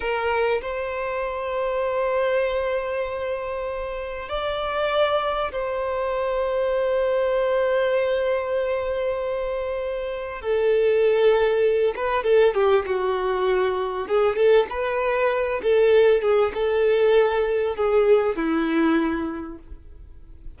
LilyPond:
\new Staff \with { instrumentName = "violin" } { \time 4/4 \tempo 4 = 98 ais'4 c''2.~ | c''2. d''4~ | d''4 c''2.~ | c''1~ |
c''4 a'2~ a'8 b'8 | a'8 g'8 fis'2 gis'8 a'8 | b'4. a'4 gis'8 a'4~ | a'4 gis'4 e'2 | }